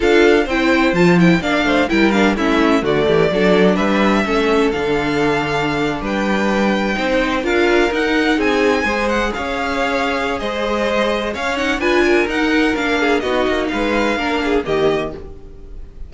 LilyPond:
<<
  \new Staff \with { instrumentName = "violin" } { \time 4/4 \tempo 4 = 127 f''4 g''4 a''8 g''8 f''4 | g''8 f''8 e''4 d''2 | e''2 f''2~ | f''8. g''2. f''16~ |
f''8. fis''4 gis''4. fis''8 f''16~ | f''2 dis''2 | f''8 fis''8 gis''4 fis''4 f''4 | dis''4 f''2 dis''4 | }
  \new Staff \with { instrumentName = "violin" } { \time 4/4 a'4 c''2 d''8 c''8 | ais'4 e'4 fis'8 g'8 a'4 | b'4 a'2.~ | a'8. b'2 c''4 ais'16~ |
ais'4.~ ais'16 gis'4 c''4 cis''16~ | cis''2 c''2 | cis''4 b'8 ais'2 gis'8 | fis'4 b'4 ais'8 gis'8 g'4 | }
  \new Staff \with { instrumentName = "viola" } { \time 4/4 f'4 e'4 f'8 e'8 d'4 | e'8 d'8 cis'4 a4 d'4~ | d'4 cis'4 d'2~ | d'2~ d'8. dis'4 f'16~ |
f'8. dis'2 gis'4~ gis'16~ | gis'1 | cis'8 dis'8 f'4 dis'4 d'4 | dis'2 d'4 ais4 | }
  \new Staff \with { instrumentName = "cello" } { \time 4/4 d'4 c'4 f4 ais8 a8 | g4 a4 d8 e8 fis4 | g4 a4 d2~ | d8. g2 c'4 d'16~ |
d'8. dis'4 c'4 gis4 cis'16~ | cis'2 gis2 | cis'4 d'4 dis'4 ais4 | b8 ais8 gis4 ais4 dis4 | }
>>